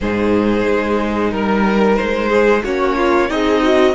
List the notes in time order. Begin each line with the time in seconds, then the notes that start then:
0.00 G#2 D#4 G#4 C5
0.67 G#3
1.30 G3 A#4
1.96 G#3 C5
2.29 G#4
2.63 A#3 C#4 F#4 C#5
2.96 F4
3.29 C4 D#4 G#4 D#5
3.62 F#4